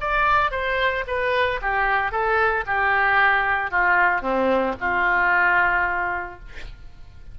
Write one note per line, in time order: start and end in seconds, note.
0.00 0.51 D5
0.51 1.04 C5
1.07 1.60 B4
1.61 2.11 G4
2.11 2.64 A4
2.66 3.70 G4
3.70 4.21 F4
4.21 4.74 C4
4.80 6.39 F4